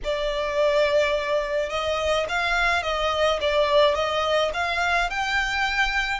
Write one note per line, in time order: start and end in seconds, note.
0.04 1.69 D5
1.69 2.26 D#5
2.28 2.83 F5
2.83 3.39 D#5
3.41 3.94 D5
3.94 4.51 D#5
4.53 5.10 F5
5.10 6.20 G5